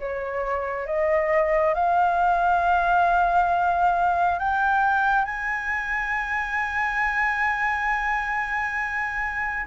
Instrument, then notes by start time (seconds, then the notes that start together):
flute
0.00 C#5
0.87 D#5
1.74 F5
4.39 G5
5.25 G#5